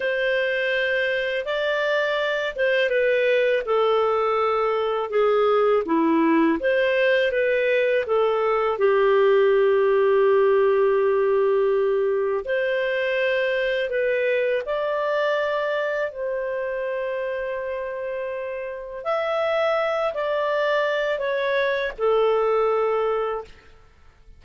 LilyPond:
\new Staff \with { instrumentName = "clarinet" } { \time 4/4 \tempo 4 = 82 c''2 d''4. c''8 | b'4 a'2 gis'4 | e'4 c''4 b'4 a'4 | g'1~ |
g'4 c''2 b'4 | d''2 c''2~ | c''2 e''4. d''8~ | d''4 cis''4 a'2 | }